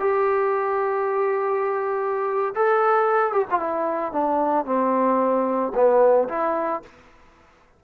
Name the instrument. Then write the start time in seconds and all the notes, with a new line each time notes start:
trombone
0.00 G4
2.55 A4
3.32 G4
3.51 F4
3.60 E4
4.12 D4
4.66 C4
5.75 B3
6.29 E4